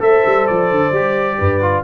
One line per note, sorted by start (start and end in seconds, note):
0.00 0.23 A3
0.00 0.92 A4
0.00 1.37 C5
0.00 0.47 E5
0.26 0.48 G3
0.47 0.71 F3
0.47 1.84 D5
0.71 0.91 D3
0.91 1.37 G3
0.91 1.61 G4
1.37 1.84 G2
1.37 1.83 B4
1.61 1.84 F4